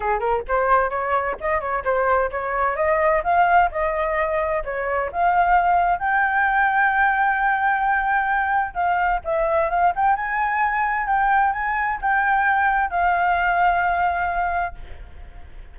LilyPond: \new Staff \with { instrumentName = "flute" } { \time 4/4 \tempo 4 = 130 gis'8 ais'8 c''4 cis''4 dis''8 cis''8 | c''4 cis''4 dis''4 f''4 | dis''2 cis''4 f''4~ | f''4 g''2.~ |
g''2. f''4 | e''4 f''8 g''8 gis''2 | g''4 gis''4 g''2 | f''1 | }